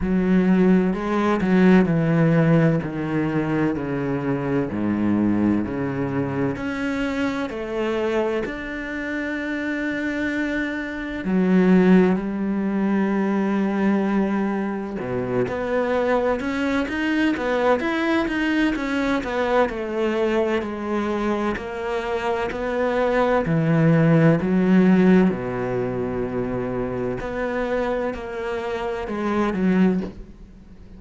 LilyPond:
\new Staff \with { instrumentName = "cello" } { \time 4/4 \tempo 4 = 64 fis4 gis8 fis8 e4 dis4 | cis4 gis,4 cis4 cis'4 | a4 d'2. | fis4 g2. |
b,8 b4 cis'8 dis'8 b8 e'8 dis'8 | cis'8 b8 a4 gis4 ais4 | b4 e4 fis4 b,4~ | b,4 b4 ais4 gis8 fis8 | }